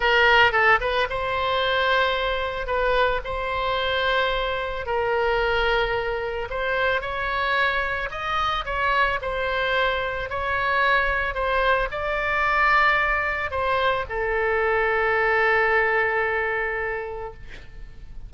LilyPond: \new Staff \with { instrumentName = "oboe" } { \time 4/4 \tempo 4 = 111 ais'4 a'8 b'8 c''2~ | c''4 b'4 c''2~ | c''4 ais'2. | c''4 cis''2 dis''4 |
cis''4 c''2 cis''4~ | cis''4 c''4 d''2~ | d''4 c''4 a'2~ | a'1 | }